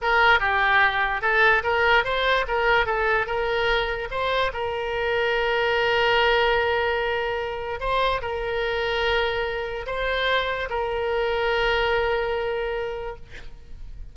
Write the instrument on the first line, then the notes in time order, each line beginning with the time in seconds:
oboe
0.01 A#4
0.39 G4
1.21 A4
1.63 A#4
2.04 C5
2.47 A#4
2.86 A4
3.26 A#4
4.10 C5
4.53 A#4
7.80 C5
8.21 A#4
9.86 C5
10.69 A#4